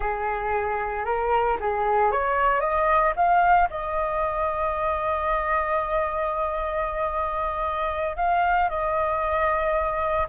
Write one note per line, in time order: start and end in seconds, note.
0.00 1.05 G#4
1.05 1.57 A#4
1.60 2.11 G#4
2.11 2.60 C#5
2.60 3.13 D#5
3.16 3.68 F5
3.70 8.16 D#5
8.16 8.69 F5
8.69 10.27 D#5